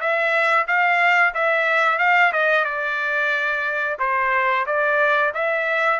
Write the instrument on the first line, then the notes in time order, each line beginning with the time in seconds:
trumpet
0.00 E5
0.67 F5
1.34 E5
1.98 F5
2.32 D#5
2.65 D5
3.99 C5
4.66 D5
5.34 E5